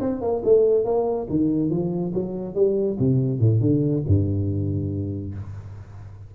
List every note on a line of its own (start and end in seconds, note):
0.00 0.21 C4
0.21 0.43 A#3
0.44 0.85 A3
0.85 1.27 A#3
1.30 1.70 D#3
1.70 2.13 F3
2.14 2.55 F#3
2.55 2.97 G3
2.99 3.40 C3
3.40 3.61 A2
3.61 4.03 D3
4.07 5.35 G2